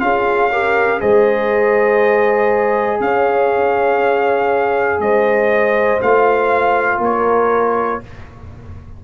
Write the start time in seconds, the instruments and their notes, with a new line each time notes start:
0.00 tuba C#4, trombone F4, horn G#4, trumpet F5
0.52 trombone G4, horn A#4
1.00 tuba G#3, trombone G#4, horn C5, trumpet D#5
3.00 tuba C#4, horn C#5, trumpet F5
5.00 tuba G#3, horn C5, trumpet D#5
6.02 tuba A3, trombone F4, trumpet F5
6.99 tuba A#3, horn A#4, trumpet C#5